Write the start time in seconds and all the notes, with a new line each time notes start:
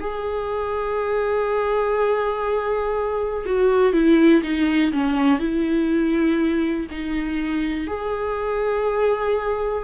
0.00 G#4
3.45 F#4
3.93 E4
4.43 D#4
4.92 C#4
5.39 E4
6.91 D#4
7.87 G#4